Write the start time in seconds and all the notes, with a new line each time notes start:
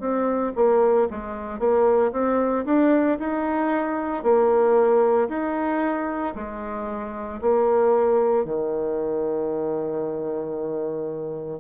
0.00 C4
0.56 A#3
1.11 G#3
1.59 A#3
2.12 C4
2.66 D4
3.19 D#4
4.23 A#3
5.29 D#4
6.35 G#3
7.41 A#3
8.45 D#3